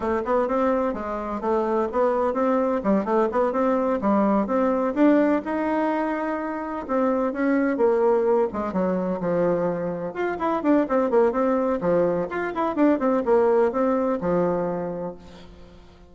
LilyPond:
\new Staff \with { instrumentName = "bassoon" } { \time 4/4 \tempo 4 = 127 a8 b8 c'4 gis4 a4 | b4 c'4 g8 a8 b8 c'8~ | c'8 g4 c'4 d'4 dis'8~ | dis'2~ dis'8 c'4 cis'8~ |
cis'8 ais4. gis8 fis4 f8~ | f4. f'8 e'8 d'8 c'8 ais8 | c'4 f4 f'8 e'8 d'8 c'8 | ais4 c'4 f2 | }